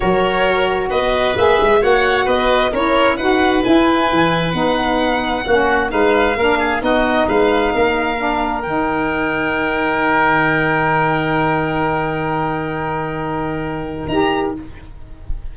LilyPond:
<<
  \new Staff \with { instrumentName = "violin" } { \time 4/4 \tempo 4 = 132 cis''2 dis''4 e''4 | fis''4 dis''4 cis''4 fis''4 | gis''2 fis''2~ | fis''4 f''2 dis''4 |
f''2. g''4~ | g''1~ | g''1~ | g''2. ais''4 | }
  \new Staff \with { instrumentName = "oboe" } { \time 4/4 ais'2 b'2 | cis''4 b'4 ais'4 b'4~ | b'1 | fis'4 b'4 ais'8 gis'8 fis'4 |
b'4 ais'2.~ | ais'1~ | ais'1~ | ais'1 | }
  \new Staff \with { instrumentName = "saxophone" } { \time 4/4 fis'2. gis'4 | fis'2 e'4 fis'4 | e'2 dis'2 | cis'4 dis'4 d'4 dis'4~ |
dis'2 d'4 dis'4~ | dis'1~ | dis'1~ | dis'2. g'4 | }
  \new Staff \with { instrumentName = "tuba" } { \time 4/4 fis2 b4 ais8 gis8 | ais4 b4 cis'4 dis'4 | e'4 e4 b2 | ais4 gis4 ais4 b4 |
gis4 ais2 dis4~ | dis1~ | dis1~ | dis2. dis'4 | }
>>